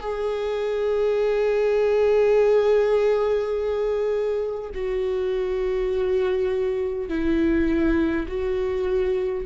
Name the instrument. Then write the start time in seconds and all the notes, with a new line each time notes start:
viola
0.00 G#4
4.74 F#4
7.09 E4
8.28 F#4